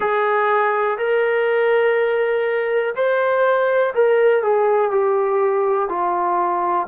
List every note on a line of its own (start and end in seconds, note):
0.00 0.98 G#4
0.98 2.95 A#4
2.95 3.93 C5
3.94 4.43 A#4
4.43 4.90 G#4
4.90 5.88 G4
5.88 6.87 F4